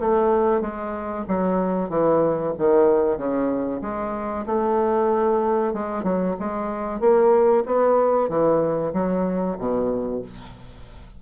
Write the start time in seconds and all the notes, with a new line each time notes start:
0.00 A3
0.61 G#3
1.28 F#3
1.89 E3
2.58 D#3
3.17 C#3
3.82 G#3
4.46 A3
5.73 G#3
6.03 F#3
6.40 G#3
7.00 A#3
7.66 B3
8.29 E3
8.93 F#3
9.58 B2